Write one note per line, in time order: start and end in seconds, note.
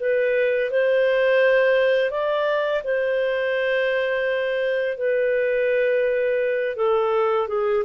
0.00 0.70 B4
0.70 2.11 C5
2.11 2.82 D5
2.84 4.98 C5
4.98 6.76 B4
6.76 7.48 A4
7.48 7.84 G#4